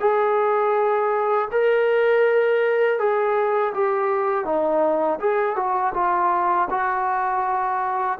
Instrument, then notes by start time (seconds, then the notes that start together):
trombone
0.00 G#4
1.52 A#4
2.99 G#4
3.74 G4
4.45 D#4
5.20 G#4
5.56 F#4
5.94 F4
6.70 F#4